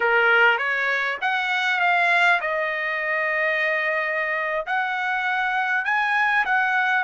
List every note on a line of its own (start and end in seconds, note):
0.00 0.58 A#4
0.58 1.18 C#5
1.21 1.80 F#5
1.80 2.40 F5
2.41 4.66 D#5
4.66 5.84 F#5
5.84 6.44 G#5
6.45 7.04 F#5